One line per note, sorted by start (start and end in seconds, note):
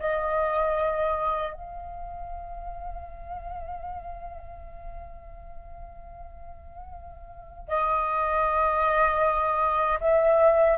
0.00 1.53 D#5
1.53 7.69 F5
7.69 9.99 D#5
10.01 10.78 E5